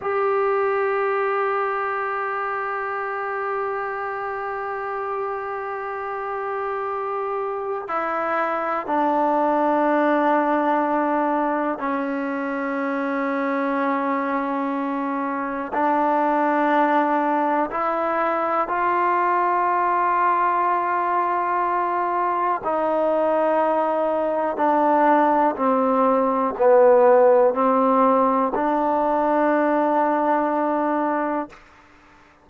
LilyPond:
\new Staff \with { instrumentName = "trombone" } { \time 4/4 \tempo 4 = 61 g'1~ | g'1 | e'4 d'2. | cis'1 |
d'2 e'4 f'4~ | f'2. dis'4~ | dis'4 d'4 c'4 b4 | c'4 d'2. | }